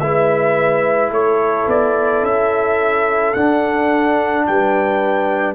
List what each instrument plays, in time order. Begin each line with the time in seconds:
0.00 tuba G#3, trombone E4, horn B4, trumpet E5
1.11 tuba A3, horn A4, trumpet C#5
1.67 tuba B3, trumpet D5
2.23 tuba C#4, trumpet E5
3.34 tuba D4, trombone D4, trumpet F#5
4.47 tuba G3, horn B4, trumpet G5